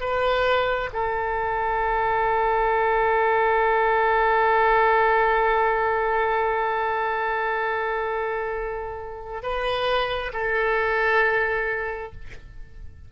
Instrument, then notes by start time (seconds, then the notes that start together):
oboe
0.00 B4
0.93 A4
9.42 B4
10.33 A4